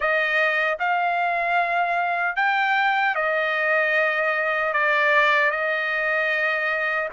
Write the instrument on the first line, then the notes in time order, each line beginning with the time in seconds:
trumpet
0.00 D#5
0.79 F5
2.36 G5
3.15 D#5
4.73 D5
5.50 D#5